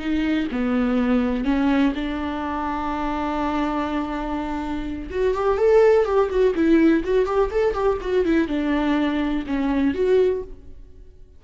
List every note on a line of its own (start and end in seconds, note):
0.00 0.48 D#4
0.52 1.45 B3
1.45 1.94 C#4
1.96 5.10 D4
5.11 5.35 F#4
5.35 5.58 G4
5.58 6.06 A4
6.06 6.30 G4
6.30 6.54 F#4
6.56 7.04 E4
7.04 7.26 F#4
7.26 7.50 G4
7.52 7.74 A4
7.74 7.98 G4
8.01 8.26 F#4
8.26 8.49 E4
8.49 9.45 D4
9.47 9.95 C#4
9.95 10.43 F#4